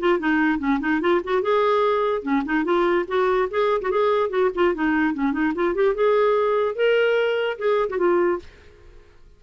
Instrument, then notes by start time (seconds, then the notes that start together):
clarinet
0.00 F4
0.20 D#4
0.59 C#4
0.81 D#4
1.01 F4
1.25 F#4
1.42 G#4
2.23 C#4
2.46 D#4
2.65 F4
3.08 F#4
3.51 G#4
3.82 F#4
3.91 G#4
4.30 F#4
4.55 F4
4.75 D#4
5.14 C#4
5.33 D#4
5.55 F4
5.75 G4
5.95 G#4
6.76 A#4
7.59 G#4
7.90 F#4
7.98 F4